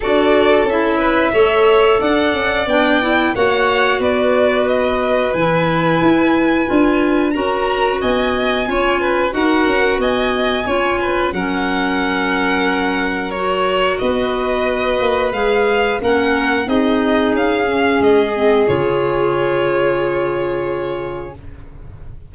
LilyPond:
<<
  \new Staff \with { instrumentName = "violin" } { \time 4/4 \tempo 4 = 90 d''4 e''2 fis''4 | g''4 fis''4 d''4 dis''4 | gis''2. ais''4 | gis''2 fis''4 gis''4~ |
gis''4 fis''2. | cis''4 dis''2 f''4 | fis''4 dis''4 f''4 dis''4 | cis''1 | }
  \new Staff \with { instrumentName = "violin" } { \time 4/4 a'4. b'8 cis''4 d''4~ | d''4 cis''4 b'2~ | b'2. ais'4 | dis''4 cis''8 b'8 ais'4 dis''4 |
cis''8 b'8 ais'2.~ | ais'4 b'2. | ais'4 gis'2.~ | gis'1 | }
  \new Staff \with { instrumentName = "clarinet" } { \time 4/4 fis'4 e'4 a'2 | d'8 e'8 fis'2. | e'2 f'4 fis'4~ | fis'4 f'4 fis'2 |
f'4 cis'2. | fis'2. gis'4 | cis'4 dis'4. cis'4 c'8 | f'1 | }
  \new Staff \with { instrumentName = "tuba" } { \time 4/4 d'4 cis'4 a4 d'8 cis'8 | b4 ais4 b2 | e4 e'4 d'4 cis'4 | b4 cis'4 dis'8 cis'8 b4 |
cis'4 fis2.~ | fis4 b4. ais8 gis4 | ais4 c'4 cis'4 gis4 | cis1 | }
>>